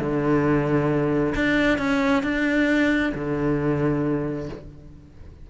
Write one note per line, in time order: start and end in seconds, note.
0.00 1.34 D3
1.35 1.78 D4
1.78 2.23 C#4
2.23 3.13 D4
3.15 4.49 D3